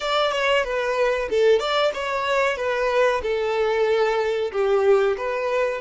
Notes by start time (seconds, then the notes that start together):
0.00 D5
0.32 C#5
0.64 B4
1.29 A4
1.59 D5
1.94 C#5
2.57 B4
3.22 A4
4.52 G4
5.17 B4